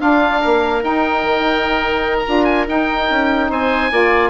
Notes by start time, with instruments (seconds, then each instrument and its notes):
0.00 saxophone D4, bassoon D4, oboe F4 F5
0.40 bassoon A#3, oboe A#4
0.81 saxophone D#4, bassoon D#4, oboe G5
1.23 bassoon D#3
2.19 oboe A#5
2.25 bassoon D4, saxophone F4
2.44 oboe G#5
2.67 bassoon D#4, saxophone D#4, oboe G5
3.10 bassoon C#4
3.50 bassoon C4, oboe C5 G#5
3.91 bassoon A#3, saxophone F4, oboe D5